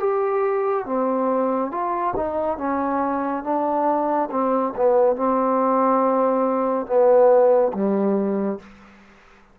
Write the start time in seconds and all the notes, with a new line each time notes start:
0.00 G4
0.86 C4
1.71 F4
2.16 D#4
2.58 C#4
3.44 D4
4.31 C4
4.76 B3
5.17 C4
6.86 B3
7.74 G3